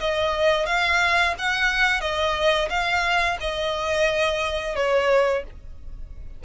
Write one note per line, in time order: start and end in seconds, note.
0.00 0.66 D#5
0.66 1.34 F5
1.39 2.01 F#5
2.01 2.69 D#5
2.70 3.38 F5
3.40 4.76 D#5
4.76 5.44 C#5